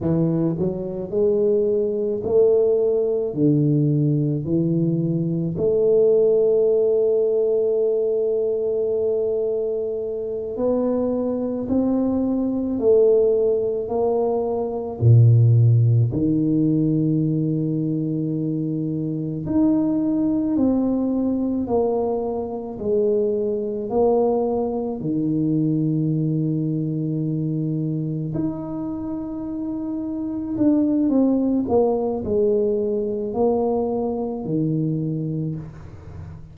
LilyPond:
\new Staff \with { instrumentName = "tuba" } { \time 4/4 \tempo 4 = 54 e8 fis8 gis4 a4 d4 | e4 a2.~ | a4. b4 c'4 a8~ | a8 ais4 ais,4 dis4.~ |
dis4. dis'4 c'4 ais8~ | ais8 gis4 ais4 dis4.~ | dis4. dis'2 d'8 | c'8 ais8 gis4 ais4 dis4 | }